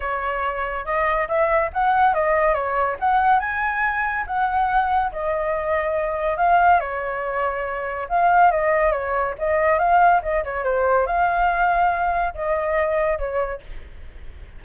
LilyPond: \new Staff \with { instrumentName = "flute" } { \time 4/4 \tempo 4 = 141 cis''2 dis''4 e''4 | fis''4 dis''4 cis''4 fis''4 | gis''2 fis''2 | dis''2. f''4 |
cis''2. f''4 | dis''4 cis''4 dis''4 f''4 | dis''8 cis''8 c''4 f''2~ | f''4 dis''2 cis''4 | }